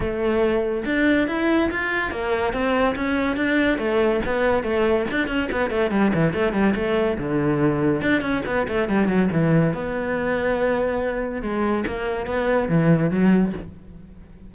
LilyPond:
\new Staff \with { instrumentName = "cello" } { \time 4/4 \tempo 4 = 142 a2 d'4 e'4 | f'4 ais4 c'4 cis'4 | d'4 a4 b4 a4 | d'8 cis'8 b8 a8 g8 e8 a8 g8 |
a4 d2 d'8 cis'8 | b8 a8 g8 fis8 e4 b4~ | b2. gis4 | ais4 b4 e4 fis4 | }